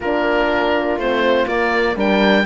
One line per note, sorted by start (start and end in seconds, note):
0.00 0.96 A#3
0.00 1.01 D4
0.00 1.95 F4
0.00 0.99 A#4
0.96 1.45 A3
0.96 1.46 C4
0.96 1.47 C5
1.46 1.95 A#3
1.46 1.96 A#3
1.46 1.96 D5
1.95 2.45 G3
1.95 2.45 D4
1.95 2.45 A#4
1.95 2.45 G5